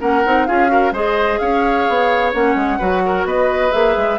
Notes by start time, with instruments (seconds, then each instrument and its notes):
0.00 bassoon A#3, clarinet C#4, oboe A#4, flute F#5
0.25 bassoon C4, clarinet D#4
0.47 bassoon C#4, clarinet F4, oboe G#4, flute F5
0.68 clarinet F#4, oboe A#4
0.92 bassoon G#3, clarinet G#4, oboe C5, flute D#5
1.39 bassoon C#4, oboe C#5, flute F5
1.89 bassoon B3
2.34 bassoon A#3, clarinet C#4, flute F#5
2.56 bassoon G#3
2.79 bassoon F#3, clarinet F#4, oboe B4
3.06 oboe A#4
3.25 bassoon B3, oboe B4, flute D#5
3.71 bassoon A#3, clarinet G#4, flute E5
3.97 bassoon G#3